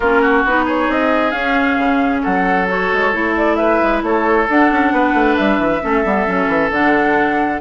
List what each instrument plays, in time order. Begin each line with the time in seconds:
0.00 bassoon A#3, clarinet C#4, oboe F4, flute A#4
0.21 oboe F#4
0.44 bassoon B3, clarinet D#4, flute B4
0.65 oboe G#4, flute C#5
0.89 bassoon C4, flute D#5
1.31 bassoon C#4, clarinet C#4, flute F5
1.78 bassoon C#3
2.22 bassoon F#3, oboe A4, flute F#5
2.67 clarinet F#4, flute C#5
2.92 bassoon G#3
3.12 bassoon A3, clarinet E4
3.36 flute D5
3.55 oboe B4, flute E5
3.82 bassoon G#3
4.02 bassoon A3, oboe A4, flute C#5
4.49 bassoon D4, clarinet D4, flute F#5
4.71 bassoon C#4
4.92 bassoon B3, oboe B4
5.13 bassoon A3
5.36 bassoon G3, flute E5
5.58 bassoon E3
5.82 bassoon A3, clarinet C#4, oboe A4
6.04 bassoon G3, clarinet B3
6.26 bassoon F#3, clarinet C#4
6.47 bassoon E3
6.70 bassoon D3, clarinet D4, flute F#5